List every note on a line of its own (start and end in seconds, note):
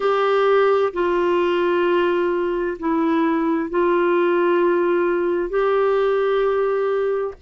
0.00 0.92 G4
0.93 2.77 F4
2.79 3.69 E4
3.69 5.49 F4
5.49 7.34 G4